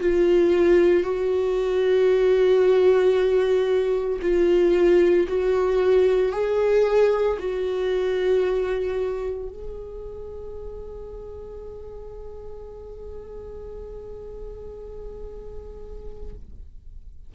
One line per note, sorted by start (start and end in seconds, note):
0.00 1.03 F4
1.03 4.19 F#4
4.22 5.27 F4
5.28 6.32 F#4
6.32 7.37 G#4
7.39 9.49 F#4
9.49 16.33 G#4